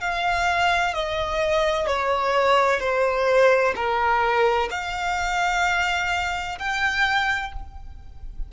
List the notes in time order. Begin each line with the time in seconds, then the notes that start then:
0.00 F5
0.94 D#5
1.87 C#5
2.80 C5
3.75 A#4
4.70 F5
6.58 G5